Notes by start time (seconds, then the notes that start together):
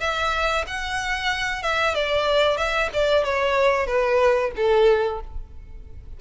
0.00 E5
0.67 F#5
1.62 E5
1.95 D5
2.57 E5
2.93 D5
3.24 C#5
3.87 B4
4.56 A4